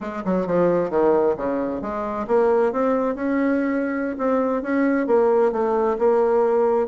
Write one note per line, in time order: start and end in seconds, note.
0.00 0.23 G#3
0.25 0.46 F#3
0.46 0.90 F3
0.90 1.35 D#3
1.36 1.81 C#3
1.81 2.26 G#3
2.27 2.72 A#3
2.72 3.15 C4
3.15 4.16 C#4
4.18 4.62 C4
4.62 5.06 C#4
5.06 5.51 A#3
5.52 5.97 A3
5.98 6.87 A#3